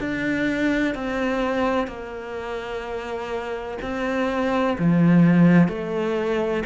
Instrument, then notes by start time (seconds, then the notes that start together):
cello
0.00 D4
0.95 C4
1.87 A#3
3.82 C4
4.78 F3
5.68 A3